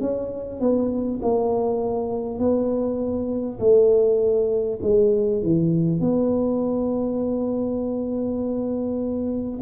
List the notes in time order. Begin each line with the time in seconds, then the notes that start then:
0.00 C#4
0.60 B3
1.22 A#3
2.39 B3
3.59 A3
4.82 G#3
5.42 E3
6.00 B3